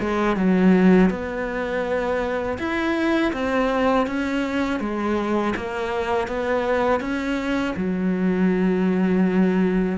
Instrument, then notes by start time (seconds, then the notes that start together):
cello
0.00 G#3
0.36 F#3
1.09 B3
2.58 E4
3.32 C4
4.07 C#4
4.79 G#3
5.56 A#3
6.27 B3
7.00 C#4
7.76 F#3